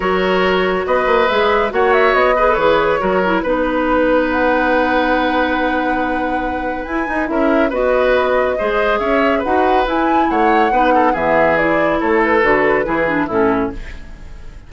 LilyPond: <<
  \new Staff \with { instrumentName = "flute" } { \time 4/4 \tempo 4 = 140 cis''2 dis''4 e''4 | fis''8 e''8 dis''4 cis''2 | b'2 fis''2~ | fis''1 |
gis''4 e''4 dis''2~ | dis''4 e''4 fis''4 gis''4 | fis''2 e''4 d''4 | cis''8 b'2~ b'8 a'4 | }
  \new Staff \with { instrumentName = "oboe" } { \time 4/4 ais'2 b'2 | cis''4. b'4. ais'4 | b'1~ | b'1~ |
b'4 ais'4 b'2 | c''4 cis''4 b'2 | cis''4 b'8 a'8 gis'2 | a'2 gis'4 e'4 | }
  \new Staff \with { instrumentName = "clarinet" } { \time 4/4 fis'2. gis'4 | fis'4. gis'16 a'16 gis'4 fis'8 e'8 | dis'1~ | dis'1 |
e'8 dis'8 e'4 fis'2 | gis'2 fis'4 e'4~ | e'4 dis'4 b4 e'4~ | e'4 fis'4 e'8 d'8 cis'4 | }
  \new Staff \with { instrumentName = "bassoon" } { \time 4/4 fis2 b8 ais8 gis4 | ais4 b4 e4 fis4 | b1~ | b1 |
e'8 dis'8 cis'4 b2 | gis4 cis'4 dis'4 e'4 | a4 b4 e2 | a4 d4 e4 a,4 | }
>>